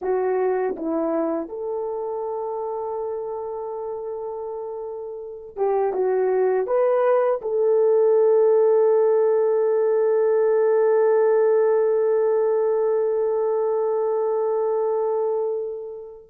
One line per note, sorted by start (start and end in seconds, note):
0.01 0.75 F#4
0.76 1.48 E4
1.48 5.56 A4
5.56 5.93 G4
5.93 6.66 F#4
6.66 7.40 B4
7.41 16.30 A4